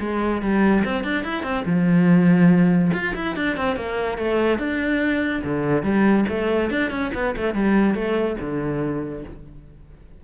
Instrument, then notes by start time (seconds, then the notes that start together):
cello
0.00 G#3
0.42 G3
0.85 C4
1.04 D4
1.24 E4
1.43 C4
1.66 F3
2.94 F4
3.15 E4
3.36 D4
3.57 C4
3.77 A#3
4.18 A3
4.59 D4
5.45 D3
5.83 G3
6.29 A3
6.71 D4
6.91 C#4
7.15 B3
7.37 A3
7.54 G3
7.95 A3
8.41 D3